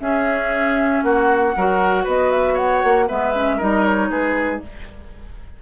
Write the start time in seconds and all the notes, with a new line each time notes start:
0.00 C#4 G#4 E5
1.03 A#3 F#4 F#5
1.57 F#3 F#4 A#4
2.04 B3 B4 D#5
2.32 E5
2.54 C#5 F#5
2.84 A#3
3.08 G#3 B3 B4 E5
3.34 C#4
3.57 G3 D#4 A#4 D#5
3.85 C#5
4.10 G#3 G#4 B4